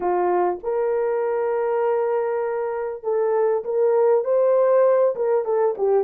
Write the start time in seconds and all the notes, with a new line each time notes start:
0.00 F4
0.63 A#4
3.03 A4
3.64 A#4
4.24 C5
5.15 A#4
5.45 A4
5.77 G4